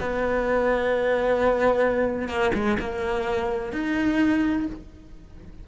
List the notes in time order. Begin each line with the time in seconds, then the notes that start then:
0.00 B3
2.28 A#3
2.54 G#3
2.79 A#3
3.72 D#4